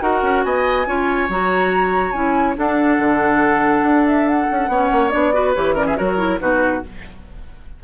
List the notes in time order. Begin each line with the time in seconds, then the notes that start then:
0.00 D#4 F#4 A#4 F#5
0.22 C#4
0.44 B3 D#5 G#5
0.86 C#4 F4 C#5
1.29 F#3 F#4 A#5
2.12 C#4 E4 G#5
2.55 D4 A4 F#5
2.98 D3
3.83 D4
4.07 E5
4.28 F#5
4.51 C#4
4.68 B3 C#4 C#5
4.92 A#3
5.10 B3 D4 D5
5.33 F#4 B4
5.54 E3 G4 C#5
5.74 C#4 A#4 D5
5.86 G#4 E5
5.96 F#3 F#4 A#4 C#5
6.17 E4
6.39 B2 D#4 F#4 B4